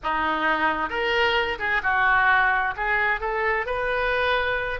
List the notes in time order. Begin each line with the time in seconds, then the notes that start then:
0.03 D#4
0.89 A#4
1.58 G#4
1.82 F#4
2.76 G#4
3.20 A4
3.65 B4